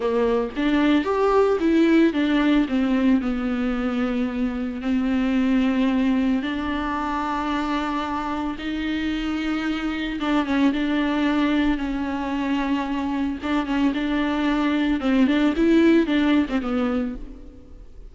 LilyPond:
\new Staff \with { instrumentName = "viola" } { \time 4/4 \tempo 4 = 112 ais4 d'4 g'4 e'4 | d'4 c'4 b2~ | b4 c'2. | d'1 |
dis'2. d'8 cis'8 | d'2 cis'2~ | cis'4 d'8 cis'8 d'2 | c'8 d'8 e'4 d'8. c'16 b4 | }